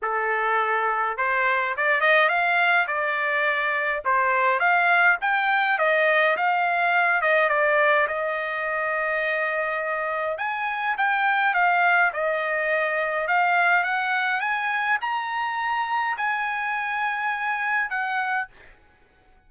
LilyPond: \new Staff \with { instrumentName = "trumpet" } { \time 4/4 \tempo 4 = 104 a'2 c''4 d''8 dis''8 | f''4 d''2 c''4 | f''4 g''4 dis''4 f''4~ | f''8 dis''8 d''4 dis''2~ |
dis''2 gis''4 g''4 | f''4 dis''2 f''4 | fis''4 gis''4 ais''2 | gis''2. fis''4 | }